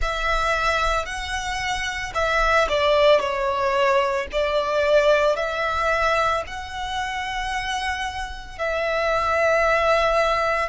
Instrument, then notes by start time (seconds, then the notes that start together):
violin
0.01 E5
1.05 F#5
2.14 E5
2.68 D5
3.19 C#5
4.31 D5
5.36 E5
6.46 F#5
8.58 E5